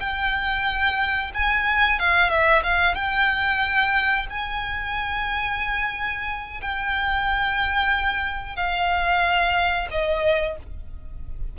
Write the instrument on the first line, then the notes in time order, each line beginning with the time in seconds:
violin
0.00 G5
1.34 G#5
1.99 F5
2.29 E5
2.63 F5
2.95 G5
4.30 G#5
6.61 G5
8.56 F5
9.91 D#5